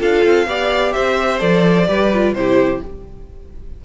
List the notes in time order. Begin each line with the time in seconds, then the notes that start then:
0.00 D4 F4 A4 F5
0.25 C4
0.47 B3 G4 D5
0.93 C4 C5 E5
1.39 F3 A4 D5
1.87 G3 G4 B4
2.13 F4
2.33 C3 E4 G4 C5